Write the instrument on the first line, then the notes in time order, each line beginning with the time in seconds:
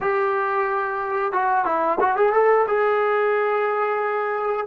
trombone
0.00 G4
1.32 F#4
1.65 E4
2.00 F#4
2.16 G#4
2.32 A4
2.67 G#4